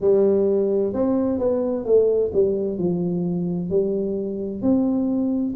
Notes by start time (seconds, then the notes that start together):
0.00 G3
0.93 C4
1.38 B3
1.85 A3
2.33 G3
2.77 F3
3.70 G3
4.62 C4